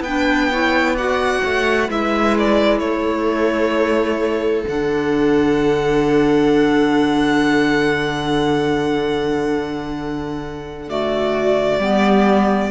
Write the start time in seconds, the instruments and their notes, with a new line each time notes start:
0.00 cello B3, clarinet D4, viola B4, violin G5
0.51 clarinet E4, viola C#5
0.93 clarinet F#4, viola D5, violin F#5
1.42 cello A3, viola C#5
1.86 cello G#3, clarinet E4, viola B4, violin E5
2.38 violin D5
2.79 cello A3, viola A4, violin C#5
4.67 cello D3, clarinet D4, violin F#5
10.88 clarinet A3, viola F#4, violin D5
11.78 cello G3, clarinet B3, viola G4